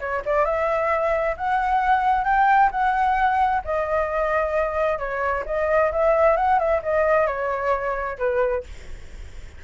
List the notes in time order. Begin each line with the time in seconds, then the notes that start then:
0.00 C#5
0.26 D5
0.45 E5
1.37 F#5
2.25 G5
2.72 F#5
3.65 D#5
4.99 C#5
5.46 D#5
5.92 E5
6.37 F#5
6.59 E5
6.83 D#5
7.27 C#5
8.19 B4